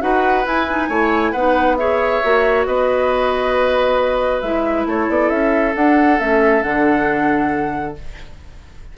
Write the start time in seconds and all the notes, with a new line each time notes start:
0.00 D#4 F#4 B4 F#5
0.43 E4 G#5
0.69 D#4
0.88 A3 E4 C#5
1.31 B3 D#4 B4 F#5
1.76 G#4 C#5 E5
2.23 A#3 F#4
2.66 B3 B4 D#5
4.41 G#3 E4 E5
4.86 A3 A4 C#5
5.09 B3 D5
5.30 C#4 E5
5.74 D4 F#5
6.18 A3 C#4 E5
6.62 D3 D4 F#5